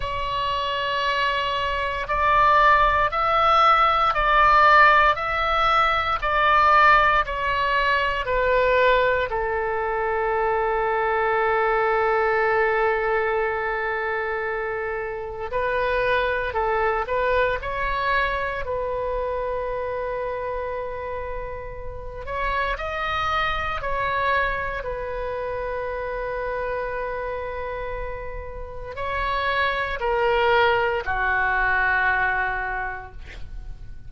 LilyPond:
\new Staff \with { instrumentName = "oboe" } { \time 4/4 \tempo 4 = 58 cis''2 d''4 e''4 | d''4 e''4 d''4 cis''4 | b'4 a'2.~ | a'2. b'4 |
a'8 b'8 cis''4 b'2~ | b'4. cis''8 dis''4 cis''4 | b'1 | cis''4 ais'4 fis'2 | }